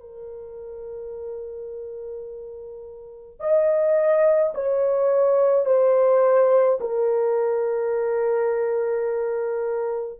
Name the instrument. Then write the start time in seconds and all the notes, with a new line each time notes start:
horn
0.00 A#4
3.40 D#5
4.54 C#5
5.66 C5
6.80 A#4